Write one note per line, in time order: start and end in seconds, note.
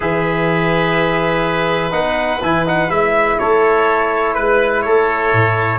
0.00 1.92 E3
0.00 1.91 G#4
0.00 3.36 B4
0.00 1.92 E5
1.91 2.40 B3
1.91 2.39 D#4
1.91 2.40 F#5
2.42 2.89 E3
2.42 2.66 E4
2.42 2.66 G#5
2.66 2.89 D#4
2.66 2.90 F#5
2.89 3.37 G#3
2.89 5.78 E4
2.89 3.38 E5
3.39 4.37 A3
3.39 4.35 A4
3.39 4.34 C#5
4.34 4.86 G#3
4.34 4.82 B4
4.34 4.83 B4
4.82 5.32 A3
4.82 5.78 A4
4.82 5.78 C#5
5.32 5.78 A2